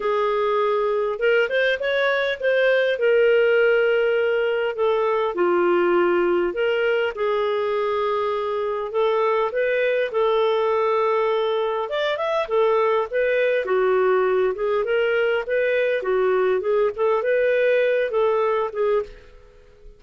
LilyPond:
\new Staff \with { instrumentName = "clarinet" } { \time 4/4 \tempo 4 = 101 gis'2 ais'8 c''8 cis''4 | c''4 ais'2. | a'4 f'2 ais'4 | gis'2. a'4 |
b'4 a'2. | d''8 e''8 a'4 b'4 fis'4~ | fis'8 gis'8 ais'4 b'4 fis'4 | gis'8 a'8 b'4. a'4 gis'8 | }